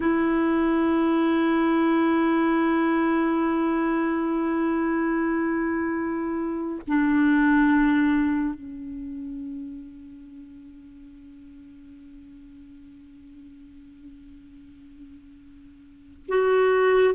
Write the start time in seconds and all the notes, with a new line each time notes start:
0.00 E4
6.87 D4
8.54 C#4
16.28 F#4